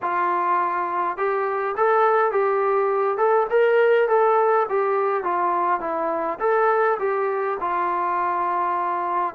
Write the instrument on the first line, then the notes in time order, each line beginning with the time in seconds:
trombone
0.02 F4
1.17 G4
1.76 A4
2.31 G4
3.17 A4
3.50 A#4
4.08 A4
4.69 G4
5.23 F4
5.80 E4
6.39 A4
6.99 G4
7.60 F4